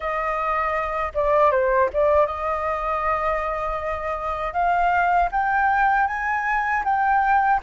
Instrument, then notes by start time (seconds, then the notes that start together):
flute
0.00 D#5
1.14 D5
1.51 C5
1.93 D5
2.26 D#5
4.53 F5
5.31 G5
6.07 G#5
6.84 G5